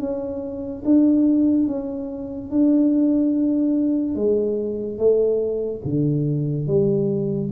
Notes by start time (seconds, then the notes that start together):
0.00 C#4
0.85 D4
1.67 C#4
2.51 D4
4.16 G#3
4.98 A3
5.85 D3
6.67 G3